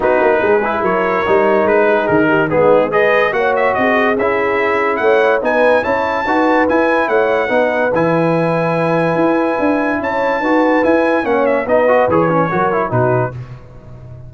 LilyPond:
<<
  \new Staff \with { instrumentName = "trumpet" } { \time 4/4 \tempo 4 = 144 b'2 cis''2 | b'4 ais'4 gis'4 dis''4 | fis''8 e''8 dis''4 e''2 | fis''4 gis''4 a''2 |
gis''4 fis''2 gis''4~ | gis''1 | a''2 gis''4 fis''8 e''8 | dis''4 cis''2 b'4 | }
  \new Staff \with { instrumentName = "horn" } { \time 4/4 fis'4 gis'4 ais'2~ | ais'8 gis'4 g'8 dis'4 b'4 | cis''4 gis'2. | cis''4 b'4 cis''4 b'4~ |
b'4 cis''4 b'2~ | b'1 | cis''4 b'2 cis''4 | b'2 ais'4 fis'4 | }
  \new Staff \with { instrumentName = "trombone" } { \time 4/4 dis'4. e'4. dis'4~ | dis'2 b4 gis'4 | fis'2 e'2~ | e'4 dis'4 e'4 fis'4 |
e'2 dis'4 e'4~ | e'1~ | e'4 fis'4 e'4 cis'4 | dis'8 fis'8 gis'8 cis'8 fis'8 e'8 dis'4 | }
  \new Staff \with { instrumentName = "tuba" } { \time 4/4 b8 ais8 gis4 fis4 g4 | gis4 dis4 gis2 | ais4 c'4 cis'2 | a4 b4 cis'4 dis'4 |
e'4 a4 b4 e4~ | e2 e'4 d'4 | cis'4 dis'4 e'4 ais4 | b4 e4 fis4 b,4 | }
>>